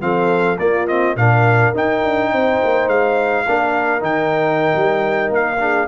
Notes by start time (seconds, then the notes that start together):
0.00 F3 C4 A4 F5
0.58 A#3 F4 D5
0.87 C4 D#5
1.16 A#2 D4 A#4 F5
1.74 D#4 G5
2.04 D4
2.32 C4 C5
2.64 A#3
2.87 G#3 F5
3.46 A#3 D4 A#4
4.00 D#3 D#4 G5
4.75 G3
5.30 A#3 F5
5.59 D4 G#4